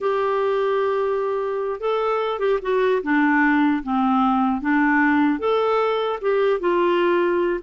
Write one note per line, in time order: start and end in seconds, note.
0.01 1.80 G4
1.80 2.39 A4
2.39 2.59 G4
2.61 3.01 F#4
3.03 3.83 D4
3.83 4.61 C4
4.61 5.39 D4
5.39 6.19 A4
6.21 6.59 G4
6.59 7.59 F4